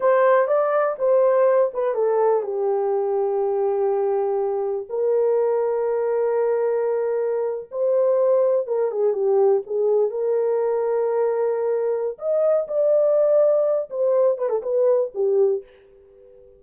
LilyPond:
\new Staff \with { instrumentName = "horn" } { \time 4/4 \tempo 4 = 123 c''4 d''4 c''4. b'8 | a'4 g'2.~ | g'2 ais'2~ | ais'2.~ ais'8. c''16~ |
c''4.~ c''16 ais'8 gis'8 g'4 gis'16~ | gis'8. ais'2.~ ais'16~ | ais'4 dis''4 d''2~ | d''8 c''4 b'16 a'16 b'4 g'4 | }